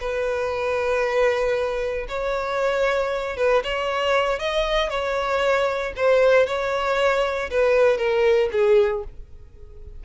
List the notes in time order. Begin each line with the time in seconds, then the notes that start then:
0.00 B4
2.08 C#5
3.37 B4
3.64 C#5
4.39 D#5
4.90 C#5
5.97 C5
6.47 C#5
7.51 B4
7.98 A#4
8.52 G#4